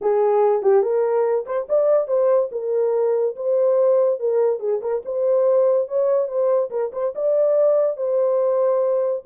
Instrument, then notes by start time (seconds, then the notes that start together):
horn
0.01 G#4
0.62 G4
0.82 A#4
1.46 C5
1.69 D5
2.07 C5
2.51 A#4
3.36 C5
4.19 A#4
4.59 G#4
4.81 A#4
5.05 C5
5.88 C#5
6.28 C5
6.70 A#4
6.92 C5
7.15 D5
7.97 C5